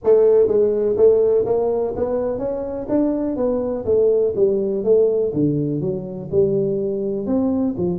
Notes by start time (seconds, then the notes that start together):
0.04 A3
0.47 G#3
0.97 A3
1.45 A#3
1.96 B3
2.38 C#4
2.88 D4
3.36 B3
3.85 A3
4.35 G3
4.84 A3
5.33 D3
5.80 F#3
6.31 G3
7.26 C4
7.77 F3